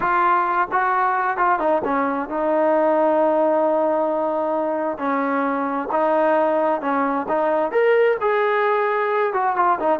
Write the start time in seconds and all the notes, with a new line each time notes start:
0.00 F4
0.71 F#4
1.37 F4
1.59 D#4
1.84 C#4
2.29 D#4
4.98 C#4
5.91 D#4
6.81 C#4
7.28 D#4
7.71 A#4
8.20 G#4
9.33 F#4
9.56 F4
9.79 D#4